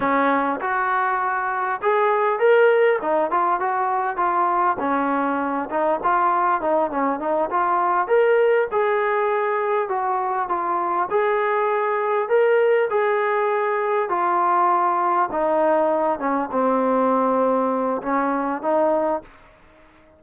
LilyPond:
\new Staff \with { instrumentName = "trombone" } { \time 4/4 \tempo 4 = 100 cis'4 fis'2 gis'4 | ais'4 dis'8 f'8 fis'4 f'4 | cis'4. dis'8 f'4 dis'8 cis'8 | dis'8 f'4 ais'4 gis'4.~ |
gis'8 fis'4 f'4 gis'4.~ | gis'8 ais'4 gis'2 f'8~ | f'4. dis'4. cis'8 c'8~ | c'2 cis'4 dis'4 | }